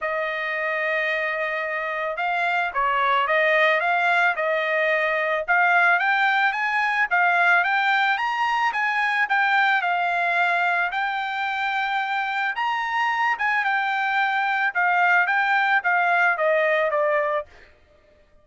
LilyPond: \new Staff \with { instrumentName = "trumpet" } { \time 4/4 \tempo 4 = 110 dis''1 | f''4 cis''4 dis''4 f''4 | dis''2 f''4 g''4 | gis''4 f''4 g''4 ais''4 |
gis''4 g''4 f''2 | g''2. ais''4~ | ais''8 gis''8 g''2 f''4 | g''4 f''4 dis''4 d''4 | }